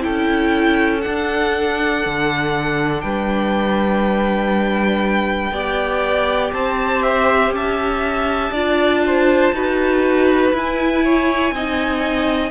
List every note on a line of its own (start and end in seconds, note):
0.00 1.05 C#4
0.00 1.00 E4
0.00 3.04 A4
0.00 1.02 G5
1.02 5.54 D4
1.02 2.06 D4
1.02 3.01 F#5
2.06 3.03 D3
3.01 5.52 G3
3.01 5.53 B4
3.01 6.51 G5
5.52 6.52 B3
5.52 8.54 G4
5.52 6.53 D5
6.53 7.51 C4
6.53 7.55 C5
6.53 7.02 A5
7.02 7.52 E5
7.51 8.51 C#4
7.51 8.52 E5
7.51 10.55 A5
8.52 9.52 D4
8.52 9.55 F4
8.52 9.02 D5
9.06 9.55 C5
9.52 10.52 D#4
9.52 10.53 F#4
9.52 11.04 B4
10.53 11.51 E4
10.53 11.53 E4
10.53 12.51 G#5
11.04 11.54 C#5
11.51 12.51 C4
11.51 12.51 D#4
11.51 12.51 D#5